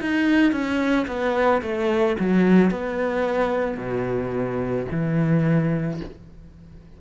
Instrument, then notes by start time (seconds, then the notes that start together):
cello
0.00 D#4
0.52 C#4
1.07 B3
1.62 A3
2.19 F#3
2.70 B3
3.77 B2
4.91 E3